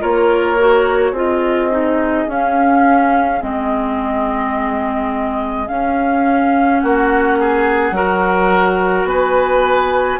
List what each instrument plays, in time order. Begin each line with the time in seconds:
0.00 bassoon A#3, clarinet F4, oboe A#4, flute C#5
0.59 clarinet F#4
1.12 bassoon C4, clarinet F4, oboe G#4, flute D#5
1.71 clarinet D#4
2.28 clarinet C#4, bassoon C#4, flute F5
3.41 bassoon G#3, clarinet C4, flute D#5
5.68 clarinet C#4, bassoon C#4, flute F5
6.80 bassoon A#3, oboe F#4, flute F#5
7.40 oboe G#4
7.92 bassoon F#3, clarinet F#4, oboe A#4
9.04 bassoon B3, oboe B4, flute G#5